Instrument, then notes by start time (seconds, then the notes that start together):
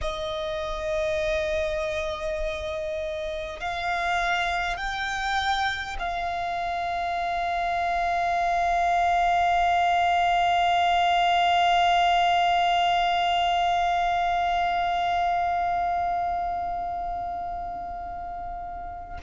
violin
0.01 D#5
3.60 F5
4.76 G5
5.98 F5